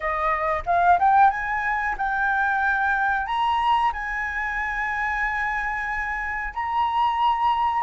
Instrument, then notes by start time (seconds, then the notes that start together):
flute
0.00 D#5
0.66 F5
0.99 G5
1.30 G#5
1.97 G5
3.26 A#5
3.92 G#5
6.54 A#5